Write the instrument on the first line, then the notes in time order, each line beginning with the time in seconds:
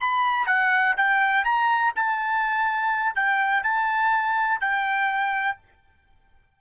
trumpet
0.00 B5
0.46 F#5
0.97 G5
1.44 A#5
1.95 A5
3.15 G5
3.63 A5
4.60 G5